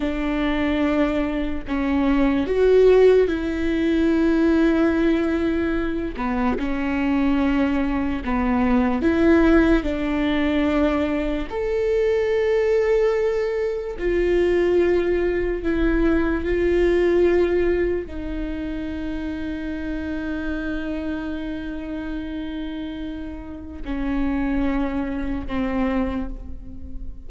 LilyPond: \new Staff \with { instrumentName = "viola" } { \time 4/4 \tempo 4 = 73 d'2 cis'4 fis'4 | e'2.~ e'8 b8 | cis'2 b4 e'4 | d'2 a'2~ |
a'4 f'2 e'4 | f'2 dis'2~ | dis'1~ | dis'4 cis'2 c'4 | }